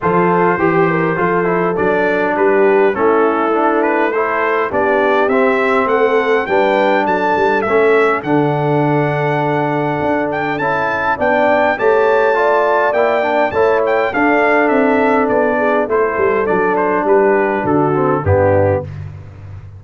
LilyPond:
<<
  \new Staff \with { instrumentName = "trumpet" } { \time 4/4 \tempo 4 = 102 c''2. d''4 | b'4 a'4. b'8 c''4 | d''4 e''4 fis''4 g''4 | a''4 e''4 fis''2~ |
fis''4. g''8 a''4 g''4 | a''2 g''4 a''8 g''8 | f''4 e''4 d''4 c''4 | d''8 c''8 b'4 a'4 g'4 | }
  \new Staff \with { instrumentName = "horn" } { \time 4/4 a'4 g'8 ais'8 a'2 | g'4 e'2 a'4 | g'2 a'4 b'4 | a'1~ |
a'2. d''4 | cis''4 d''2 cis''4 | a'2~ a'8 gis'8 a'4~ | a'4 g'4 fis'4 d'4 | }
  \new Staff \with { instrumentName = "trombone" } { \time 4/4 f'4 g'4 f'8 e'8 d'4~ | d'4 cis'4 d'4 e'4 | d'4 c'2 d'4~ | d'4 cis'4 d'2~ |
d'2 e'4 d'4 | g'4 f'4 e'8 d'8 e'4 | d'2. e'4 | d'2~ d'8 c'8 b4 | }
  \new Staff \with { instrumentName = "tuba" } { \time 4/4 f4 e4 f4 fis4 | g4 a2. | b4 c'4 a4 g4 | fis8 g8 a4 d2~ |
d4 d'4 cis'4 b4 | a2 ais4 a4 | d'4 c'4 b4 a8 g8 | fis4 g4 d4 g,4 | }
>>